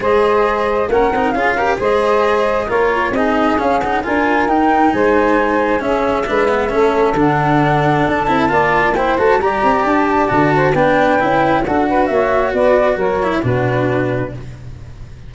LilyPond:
<<
  \new Staff \with { instrumentName = "flute" } { \time 4/4 \tempo 4 = 134 dis''2 fis''4 f''4 | dis''2 cis''4 dis''4 | f''8 fis''8 gis''4 g''4 gis''4~ | gis''4 e''2. |
fis''2 a''2 | g''8 a''8 ais''4 a''2 | g''2 fis''4 e''4 | d''4 cis''4 b'2 | }
  \new Staff \with { instrumentName = "saxophone" } { \time 4/4 c''2 ais'4 gis'8 ais'8 | c''2 ais'4 gis'4~ | gis'4 ais'2 c''4~ | c''4 gis'4 b'4 a'4~ |
a'2. d''4 | c''4 d''2~ d''8 c''8 | b'2 a'8 b'8 cis''4 | b'4 ais'4 fis'2 | }
  \new Staff \with { instrumentName = "cello" } { \time 4/4 gis'2 cis'8 dis'8 f'8 g'8 | gis'2 f'4 dis'4 | cis'8 dis'8 f'4 dis'2~ | dis'4 cis'4 d'8 b8 cis'4 |
d'2~ d'8 e'8 f'4 | e'8 fis'8 g'2 fis'4 | d'4 e'4 fis'2~ | fis'4. e'8 d'2 | }
  \new Staff \with { instrumentName = "tuba" } { \time 4/4 gis2 ais8 c'8 cis'4 | gis2 ais4 c'4 | cis'4 d'4 dis'4 gis4~ | gis4 cis'4 gis4 a4 |
d2 d'8 c'8 ais4~ | ais8 a8 g8 c'8 d'4 d4 | b4 cis'4 d'4 ais4 | b4 fis4 b,2 | }
>>